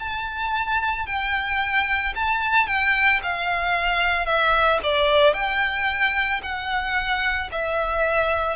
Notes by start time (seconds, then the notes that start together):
0.00 A5
1.07 G5
2.16 A5
2.67 G5
3.23 F5
4.26 E5
4.84 D5
5.34 G5
6.43 F#5
7.52 E5